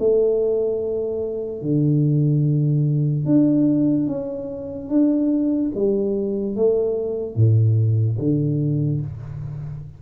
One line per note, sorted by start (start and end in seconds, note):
0.00 1.62 A3
1.62 3.26 D3
3.26 4.07 D4
4.07 4.89 C#4
4.89 5.72 D4
5.75 6.56 G3
6.56 7.36 A3
7.36 8.18 A2
8.19 9.01 D3